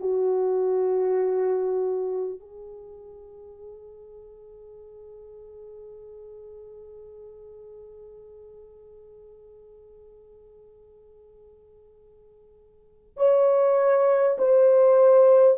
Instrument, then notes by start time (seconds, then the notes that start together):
horn
0.00 F#4
2.39 G#4
13.17 C#5
14.38 C5